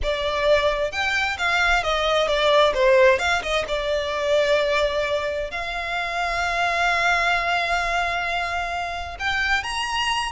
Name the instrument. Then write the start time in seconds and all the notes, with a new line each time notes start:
violin
0.02 D5
0.91 G5
1.37 F5
1.83 D#5
2.27 D5
2.74 C5
3.19 F5
3.42 D#5
3.68 D5
5.50 F5
9.19 G5
9.63 A#5